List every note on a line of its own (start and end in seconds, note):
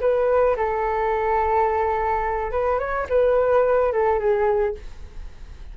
0.00 0.56 B4
0.56 2.51 A4
2.51 2.79 B4
2.79 3.06 C#5
3.09 3.92 B4
3.92 4.19 A4
4.19 4.74 G#4